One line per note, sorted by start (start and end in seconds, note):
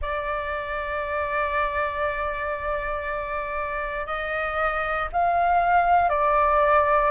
0.01 4.06 D5
4.06 5.08 D#5
5.12 6.09 F5
6.09 7.10 D5